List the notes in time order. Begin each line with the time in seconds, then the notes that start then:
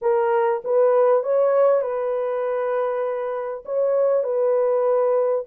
0.01 A#4
0.64 B4
1.23 C#5
1.81 B4
3.65 C#5
4.23 B4